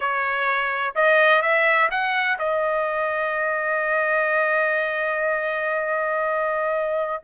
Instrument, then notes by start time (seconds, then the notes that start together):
trumpet
0.00 C#5
0.95 D#5
1.42 E5
1.90 F#5
2.39 D#5